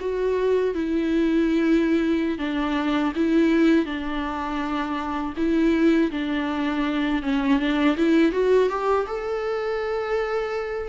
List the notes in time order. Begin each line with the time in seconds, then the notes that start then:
0.00 F#4
0.74 E4
2.38 D4
3.15 E4
3.85 D4
5.36 E4
6.11 D4
7.22 C#4
7.59 D4
7.97 E4
8.32 F#4
8.69 G4
9.06 A4